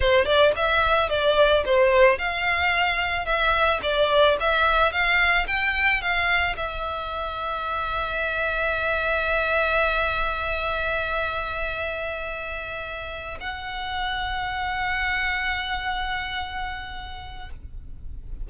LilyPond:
\new Staff \with { instrumentName = "violin" } { \time 4/4 \tempo 4 = 110 c''8 d''8 e''4 d''4 c''4 | f''2 e''4 d''4 | e''4 f''4 g''4 f''4 | e''1~ |
e''1~ | e''1~ | e''8 fis''2.~ fis''8~ | fis''1 | }